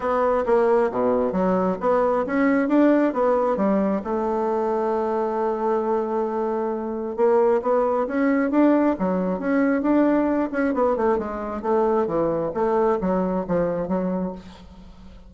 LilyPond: \new Staff \with { instrumentName = "bassoon" } { \time 4/4 \tempo 4 = 134 b4 ais4 b,4 fis4 | b4 cis'4 d'4 b4 | g4 a2.~ | a1 |
ais4 b4 cis'4 d'4 | fis4 cis'4 d'4. cis'8 | b8 a8 gis4 a4 e4 | a4 fis4 f4 fis4 | }